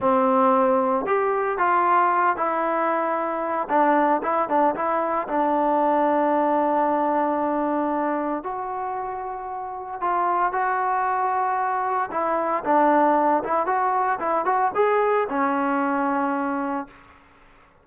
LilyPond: \new Staff \with { instrumentName = "trombone" } { \time 4/4 \tempo 4 = 114 c'2 g'4 f'4~ | f'8 e'2~ e'8 d'4 | e'8 d'8 e'4 d'2~ | d'1 |
fis'2. f'4 | fis'2. e'4 | d'4. e'8 fis'4 e'8 fis'8 | gis'4 cis'2. | }